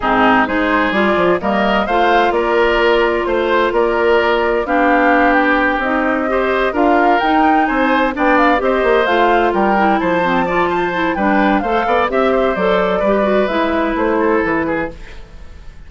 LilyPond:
<<
  \new Staff \with { instrumentName = "flute" } { \time 4/4 \tempo 4 = 129 gis'4 c''4 d''4 dis''4 | f''4 d''2 c''4 | d''2 f''4. g''8~ | g''8 dis''2 f''4 g''8~ |
g''8 gis''4 g''8 f''8 dis''4 f''8~ | f''8 g''4 a''2~ a''8 | g''4 f''4 e''4 d''4~ | d''4 e''4 c''4 b'4 | }
  \new Staff \with { instrumentName = "oboe" } { \time 4/4 dis'4 gis'2 ais'4 | c''4 ais'2 c''4 | ais'2 g'2~ | g'4. c''4 ais'4.~ |
ais'8 c''4 d''4 c''4.~ | c''8 ais'4 c''4 d''8 c''4 | b'4 c''8 d''8 e''8 c''4. | b'2~ b'8 a'4 gis'8 | }
  \new Staff \with { instrumentName = "clarinet" } { \time 4/4 c'4 dis'4 f'4 ais4 | f'1~ | f'2 d'2~ | d'8 dis'4 g'4 f'4 dis'8~ |
dis'4. d'4 g'4 f'8~ | f'4 e'4 c'8 f'4 e'8 | d'4 a'4 g'4 a'4 | g'8 fis'8 e'2. | }
  \new Staff \with { instrumentName = "bassoon" } { \time 4/4 gis,4 gis4 g8 f8 g4 | a4 ais2 a4 | ais2 b2~ | b8 c'2 d'4 dis'8~ |
dis'8 c'4 b4 c'8 ais8 a8~ | a8 g4 f2~ f8 | g4 a8 b8 c'4 fis4 | g4 gis4 a4 e4 | }
>>